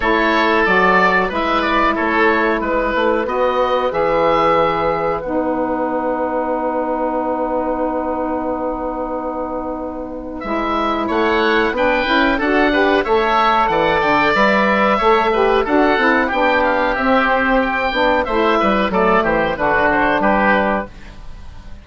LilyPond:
<<
  \new Staff \with { instrumentName = "oboe" } { \time 4/4 \tempo 4 = 92 cis''4 d''4 e''8 d''8 cis''4 | b'4 dis''4 e''2 | fis''1~ | fis''1 |
e''4 fis''4 g''4 fis''4 | e''4 fis''8 g''8 e''2 | fis''4 g''8 f''8 e''8 c''8 g''4 | e''4 d''8 c''8 b'8 c''8 b'4 | }
  \new Staff \with { instrumentName = "oboe" } { \time 4/4 a'2 b'4 a'4 | b'1~ | b'1~ | b'1~ |
b'4 cis''4 b'4 a'8 b'8 | cis''4 d''2 cis''8 b'8 | a'4 g'2. | c''8 b'8 a'8 g'8 fis'4 g'4 | }
  \new Staff \with { instrumentName = "saxophone" } { \time 4/4 e'4 fis'4 e'2~ | e'4 fis'4 gis'2 | dis'1~ | dis'1 |
e'2 d'8 e'8 fis'8 g'8 | a'2 b'4 a'8 g'8 | fis'8 e'8 d'4 c'4. d'8 | e'4 a4 d'2 | }
  \new Staff \with { instrumentName = "bassoon" } { \time 4/4 a4 fis4 gis4 a4 | gis8 a8 b4 e2 | b1~ | b1 |
gis4 a4 b8 cis'8 d'4 | a4 e8 d8 g4 a4 | d'8 c'8 b4 c'4. b8 | a8 g8 fis8 e8 d4 g4 | }
>>